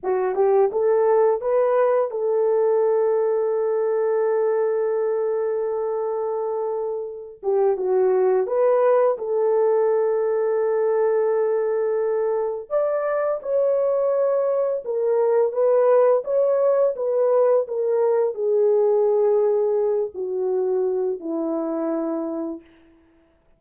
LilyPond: \new Staff \with { instrumentName = "horn" } { \time 4/4 \tempo 4 = 85 fis'8 g'8 a'4 b'4 a'4~ | a'1~ | a'2~ a'8 g'8 fis'4 | b'4 a'2.~ |
a'2 d''4 cis''4~ | cis''4 ais'4 b'4 cis''4 | b'4 ais'4 gis'2~ | gis'8 fis'4. e'2 | }